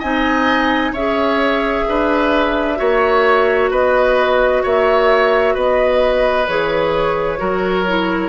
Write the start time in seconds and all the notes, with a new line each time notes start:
0.00 C4 D#4 D#5 G#5
0.92 C#4 G#4 C#5 E5
1.89 D4 B4
2.76 A#3 F#4 C#5
3.71 B3 B4 D#5
4.63 A#3 C#5 E5
5.55 B3 B4 D#5
6.48 E3 G#4 C#5
7.38 F#3 F#4 A#4
7.88 E4